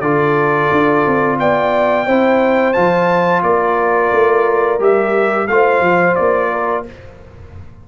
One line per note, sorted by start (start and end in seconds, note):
0.00 0.68 D3
0.00 2.07 F4
0.00 1.38 A4
0.00 1.36 D5
0.71 1.05 D4
1.06 1.39 C4
1.39 2.07 B3
1.39 2.05 D5
1.39 2.73 G5
2.05 2.75 C4
2.05 2.74 E4
2.05 3.42 C5
2.73 3.42 F3
2.73 4.79 F4
2.73 3.41 A5
3.42 4.11 A#3
3.42 5.49 A#4
3.42 4.79 D5
4.12 4.80 A3
4.79 5.48 G3
4.79 5.47 G4
4.79 5.47 E5
5.47 5.80 A3
5.47 6.86 F4
5.47 6.51 C5
5.47 6.15 F5
5.80 6.14 F3
6.15 6.87 A#3
6.15 6.83 D5
6.51 6.85 A#4